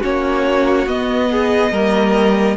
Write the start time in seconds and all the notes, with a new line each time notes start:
0.00 A#3 C#4 F#4 C#5
0.86 B3 D#5
1.31 G#4
1.71 G3 A#3 A#4